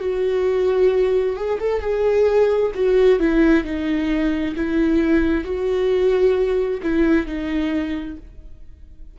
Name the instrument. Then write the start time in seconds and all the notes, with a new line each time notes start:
viola
0.00 F#4
1.36 G#4
1.60 A4
1.81 G#4
2.75 F#4
3.19 E4
3.64 D#4
4.56 E4
5.44 F#4
6.83 E4
7.26 D#4